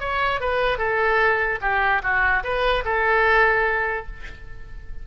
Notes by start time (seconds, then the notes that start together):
0.00 C#5
0.40 B4
0.78 A4
1.61 G4
2.03 F#4
2.43 B4
2.85 A4